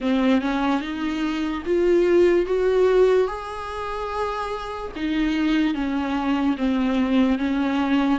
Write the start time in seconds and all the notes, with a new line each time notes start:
0.00 C4
0.41 C#4
0.80 D#4
1.65 F4
2.45 F#4
3.27 G#4
4.95 D#4
5.74 C#4
6.57 C4
7.38 C#4